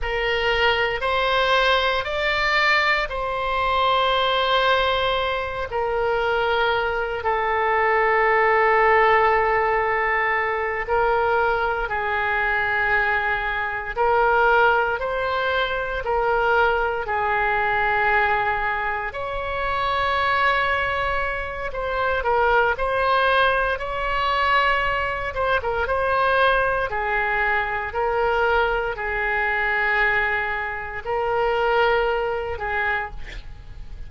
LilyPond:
\new Staff \with { instrumentName = "oboe" } { \time 4/4 \tempo 4 = 58 ais'4 c''4 d''4 c''4~ | c''4. ais'4. a'4~ | a'2~ a'8 ais'4 gis'8~ | gis'4. ais'4 c''4 ais'8~ |
ais'8 gis'2 cis''4.~ | cis''4 c''8 ais'8 c''4 cis''4~ | cis''8 c''16 ais'16 c''4 gis'4 ais'4 | gis'2 ais'4. gis'8 | }